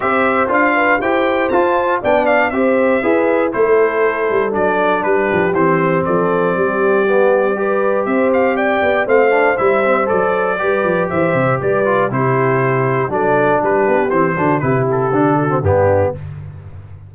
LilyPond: <<
  \new Staff \with { instrumentName = "trumpet" } { \time 4/4 \tempo 4 = 119 e''4 f''4 g''4 a''4 | g''8 f''8 e''2 c''4~ | c''4 d''4 b'4 c''4 | d''1 |
e''8 f''8 g''4 f''4 e''4 | d''2 e''4 d''4 | c''2 d''4 b'4 | c''4 b'8 a'4. g'4 | }
  \new Staff \with { instrumentName = "horn" } { \time 4/4 c''4. b'8 c''2 | d''4 c''4 b'4 a'4~ | a'2 g'2 | a'4 g'2 b'4 |
c''4 d''4 c''2~ | c''4 b'4 c''4 b'4 | g'2 a'4 g'4~ | g'8 fis'8 g'4. fis'8 d'4 | }
  \new Staff \with { instrumentName = "trombone" } { \time 4/4 g'4 f'4 g'4 f'4 | d'4 g'4 gis'4 e'4~ | e'4 d'2 c'4~ | c'2 b4 g'4~ |
g'2 c'8 d'8 e'8 c'8 | a'4 g'2~ g'8 f'8 | e'2 d'2 | c'8 d'8 e'4 d'8. c'16 b4 | }
  \new Staff \with { instrumentName = "tuba" } { \time 4/4 c'4 d'4 e'4 f'4 | b4 c'4 e'4 a4~ | a8 g8 fis4 g8 f8 e4 | f4 g2. |
c'4. b8 a4 g4 | fis4 g8 f8 e8 c8 g4 | c2 fis4 g8 b8 | e8 d8 c4 d4 g,4 | }
>>